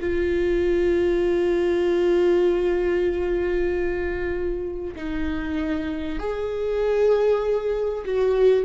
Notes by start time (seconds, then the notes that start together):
0.00 F4
4.95 D#4
6.19 G#4
8.05 F#4